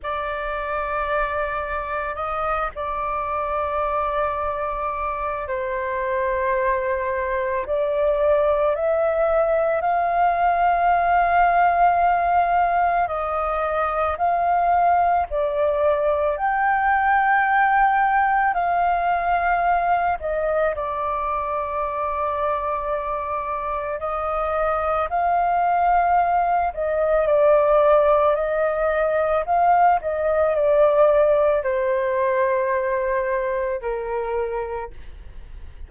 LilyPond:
\new Staff \with { instrumentName = "flute" } { \time 4/4 \tempo 4 = 55 d''2 dis''8 d''4.~ | d''4 c''2 d''4 | e''4 f''2. | dis''4 f''4 d''4 g''4~ |
g''4 f''4. dis''8 d''4~ | d''2 dis''4 f''4~ | f''8 dis''8 d''4 dis''4 f''8 dis''8 | d''4 c''2 ais'4 | }